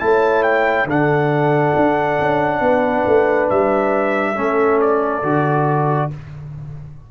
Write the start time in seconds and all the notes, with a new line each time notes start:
0.00 A3 E4 C#5 A5
0.44 G5
0.86 D3 D4 A4 F#5
1.76 D4
2.21 C#4
2.61 B3 B4
3.07 A3
3.50 G3 E5
4.35 A3 C#4 A4
4.81 D5
5.24 D3 F#4